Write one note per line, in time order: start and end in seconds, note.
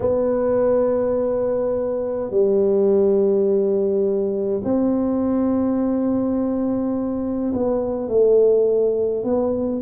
0.00 2.30 B3
2.30 4.60 G3
4.64 7.52 C4
7.53 8.08 B3
8.08 9.24 A3
9.24 9.81 B3